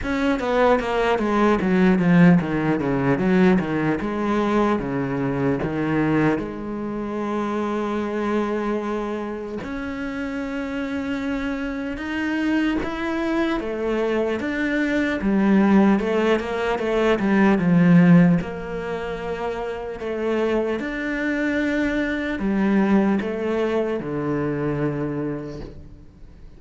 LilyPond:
\new Staff \with { instrumentName = "cello" } { \time 4/4 \tempo 4 = 75 cis'8 b8 ais8 gis8 fis8 f8 dis8 cis8 | fis8 dis8 gis4 cis4 dis4 | gis1 | cis'2. dis'4 |
e'4 a4 d'4 g4 | a8 ais8 a8 g8 f4 ais4~ | ais4 a4 d'2 | g4 a4 d2 | }